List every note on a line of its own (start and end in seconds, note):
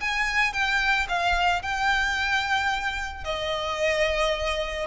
0.00 0.53 G#5
0.53 1.07 G5
1.08 1.62 F5
1.62 3.24 G5
3.24 4.86 D#5